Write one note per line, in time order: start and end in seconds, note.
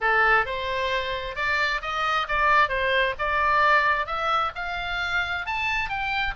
0.01 0.45 A4
0.45 1.35 C5
1.35 1.81 D5
1.81 2.27 D#5
2.28 2.69 D5
2.69 3.14 C5
3.18 4.06 D5
4.06 4.51 E5
4.55 5.45 F5
5.46 5.89 A5
5.89 6.34 G5